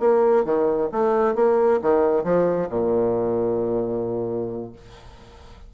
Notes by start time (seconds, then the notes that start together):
0.00 A#3
0.44 D#3
0.92 A3
1.35 A#3
1.82 D#3
2.24 F3
2.69 A#2